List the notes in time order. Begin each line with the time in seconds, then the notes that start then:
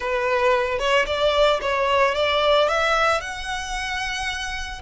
0.00 B4
0.78 C#5
1.06 D5
1.61 C#5
2.14 D5
2.68 E5
3.20 F#5